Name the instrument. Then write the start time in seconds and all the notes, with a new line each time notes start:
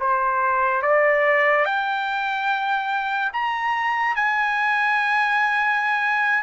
trumpet
0.00 C5
0.82 D5
1.65 G5
3.33 A#5
4.16 G#5